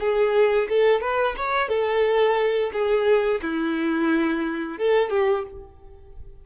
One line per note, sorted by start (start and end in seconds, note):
0.00 0.68 G#4
0.69 1.01 A4
1.01 1.35 B4
1.37 1.69 C#5
1.69 2.71 A4
2.73 3.41 G#4
3.42 4.78 E4
4.78 5.10 A4
5.10 5.45 G4